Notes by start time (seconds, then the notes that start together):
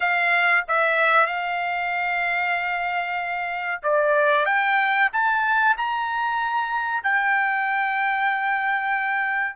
0.00 F5
0.68 E5
1.26 F5
3.82 D5
4.45 G5
5.12 A5
5.77 A#5
7.03 G5